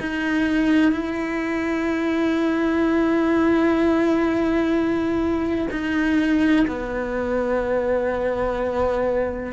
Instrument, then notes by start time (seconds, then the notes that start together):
cello
0.00 D#4
0.91 E4
5.71 D#4
6.67 B3